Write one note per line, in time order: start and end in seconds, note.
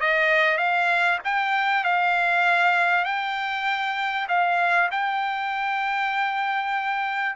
0.00 0.57 D#5
0.57 1.19 F5
1.24 1.84 G5
1.84 3.04 F5
3.04 4.27 G5
4.28 4.89 F5
4.91 7.35 G5